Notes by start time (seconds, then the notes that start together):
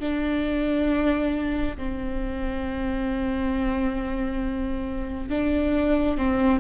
0.00 D4
1.77 C4
5.29 D4
6.18 C4